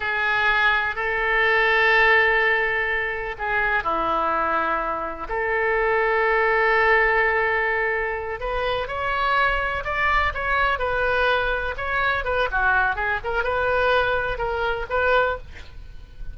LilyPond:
\new Staff \with { instrumentName = "oboe" } { \time 4/4 \tempo 4 = 125 gis'2 a'2~ | a'2. gis'4 | e'2. a'4~ | a'1~ |
a'4. b'4 cis''4.~ | cis''8 d''4 cis''4 b'4.~ | b'8 cis''4 b'8 fis'4 gis'8 ais'8 | b'2 ais'4 b'4 | }